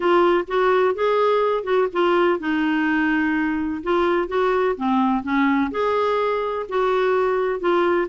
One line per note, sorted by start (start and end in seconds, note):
0.00 0.44 F4
0.47 0.94 F#4
0.94 1.63 G#4
1.63 1.87 F#4
1.93 2.39 F4
2.39 3.82 D#4
3.83 4.28 F4
4.28 4.75 F#4
4.76 5.23 C4
5.23 5.71 C#4
5.71 6.66 G#4
6.68 7.60 F#4
7.60 8.07 F4